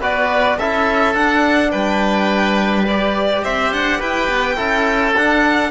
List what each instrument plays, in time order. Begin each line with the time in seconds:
0.00 cello B3, trombone F#4, oboe B4, violin D5
0.58 cello C#4, trombone E4, oboe A4, violin E5
1.15 trombone D4, cello D4, violin F#5
1.71 cello G3, oboe B4, violin G5
2.87 trombone G4, violin D5
3.44 cello C4, oboe C5, violin E5
3.72 cello D4, violin F#5
3.99 cello E4, oboe B4, violin G5
4.28 cello B3
4.56 cello C#4, trombone E4, oboe A4
5.16 cello D4, trombone D4, violin F#5